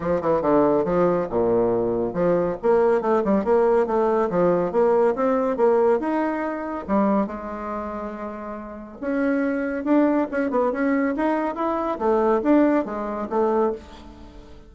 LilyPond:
\new Staff \with { instrumentName = "bassoon" } { \time 4/4 \tempo 4 = 140 f8 e8 d4 f4 ais,4~ | ais,4 f4 ais4 a8 g8 | ais4 a4 f4 ais4 | c'4 ais4 dis'2 |
g4 gis2.~ | gis4 cis'2 d'4 | cis'8 b8 cis'4 dis'4 e'4 | a4 d'4 gis4 a4 | }